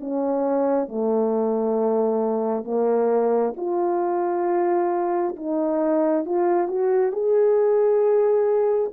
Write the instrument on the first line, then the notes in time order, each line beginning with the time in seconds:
horn
0.00 C#4
0.88 A3
2.65 A#3
3.57 F4
5.36 D#4
6.26 F4
6.68 F#4
7.12 G#4